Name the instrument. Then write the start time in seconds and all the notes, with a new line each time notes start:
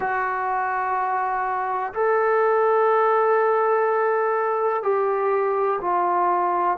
trombone
0.00 F#4
1.94 A4
4.83 G4
5.80 F4